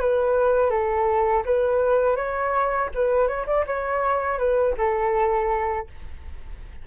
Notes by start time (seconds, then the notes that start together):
0.00 B4
0.70 A4
1.45 B4
2.16 C#5
2.95 B4
3.28 C#5
3.47 D5
3.66 C#5
4.38 B4
4.77 A4